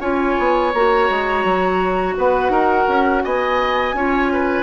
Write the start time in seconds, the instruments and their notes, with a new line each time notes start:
0.00 bassoon C#4, clarinet F4, oboe C#5, flute G#5
0.38 bassoon B3
0.74 bassoon A#3, clarinet F#4, flute A#5
1.10 bassoon G#3
1.44 bassoon F#3
2.17 bassoon B3, oboe B4, flute F#5
2.49 bassoon D#4, oboe A#4
2.88 bassoon C#4
3.23 bassoon B3, oboe D#5, flute G#5
3.93 bassoon C#4, clarinet F4, oboe C#5
4.33 oboe B4